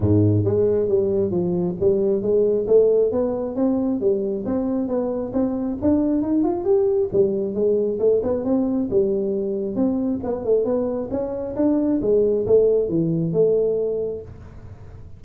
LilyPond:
\new Staff \with { instrumentName = "tuba" } { \time 4/4 \tempo 4 = 135 gis,4 gis4 g4 f4 | g4 gis4 a4 b4 | c'4 g4 c'4 b4 | c'4 d'4 dis'8 f'8 g'4 |
g4 gis4 a8 b8 c'4 | g2 c'4 b8 a8 | b4 cis'4 d'4 gis4 | a4 e4 a2 | }